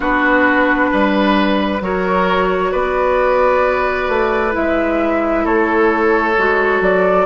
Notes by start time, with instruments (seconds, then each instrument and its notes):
0.00 bassoon B3, clarinet D4, oboe F#4, flute B4
0.91 bassoon G3, oboe B4
1.80 bassoon F#3, clarinet F#4, oboe A#4, flute C#5
2.71 bassoon B3, oboe B4, flute D5
4.08 bassoon A3
4.51 bassoon G#3, clarinet E4, flute E5
5.44 bassoon A3, oboe A4, flute C#5
6.37 bassoon G#3, clarinet F#4
6.80 bassoon F#3, flute D5